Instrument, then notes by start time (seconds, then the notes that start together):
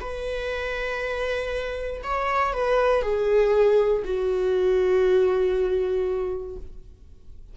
viola
0.00 B4
2.03 C#5
2.53 B4
3.02 G#4
4.04 F#4